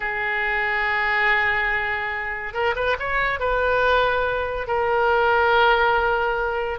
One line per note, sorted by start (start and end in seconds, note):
0.00 2.53 G#4
2.53 2.74 A#4
2.75 2.96 B4
2.99 3.39 C#5
3.39 4.67 B4
4.67 6.79 A#4